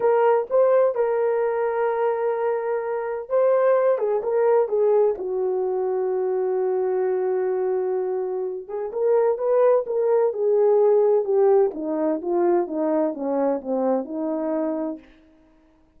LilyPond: \new Staff \with { instrumentName = "horn" } { \time 4/4 \tempo 4 = 128 ais'4 c''4 ais'2~ | ais'2. c''4~ | c''8 gis'8 ais'4 gis'4 fis'4~ | fis'1~ |
fis'2~ fis'8 gis'8 ais'4 | b'4 ais'4 gis'2 | g'4 dis'4 f'4 dis'4 | cis'4 c'4 dis'2 | }